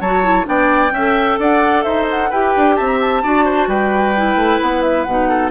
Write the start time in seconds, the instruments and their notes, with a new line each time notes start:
0.00 bassoon F#3, clarinet F#4, oboe C#5, flute A5
0.23 clarinet E4
0.44 bassoon B3, clarinet D4, oboe D5, flute G5
0.91 bassoon C#4, oboe E5
0.98 clarinet A4
1.39 bassoon D4, oboe D5, flute F#5
1.83 bassoon D#4, oboe C5, flute E5
2.10 flute F#5
2.29 bassoon E4, clarinet G4, oboe B4, flute G5
2.56 bassoon D4
2.75 bassoon C4, oboe E5, flute A5
2.86 flute A#5
3.01 flute A5
3.23 bassoon D4, clarinet F#4, oboe D5
3.45 oboe C5
3.67 bassoon G3, oboe B4, flute G5
4.16 clarinet E4
4.35 bassoon A3
4.61 bassoon B3, flute F#5
4.82 flute E5
5.03 bassoon B2, clarinet D#4, flute F#5
5.29 oboe A4